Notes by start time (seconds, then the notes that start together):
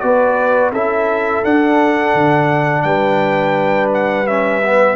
0.00 B3 F#4 B4 D5
0.72 C#4 E4 A4 E5
1.44 D4 F#5
2.14 D3
2.82 G3 B4 G5
3.94 F#5
4.27 C#4 E5
4.64 B3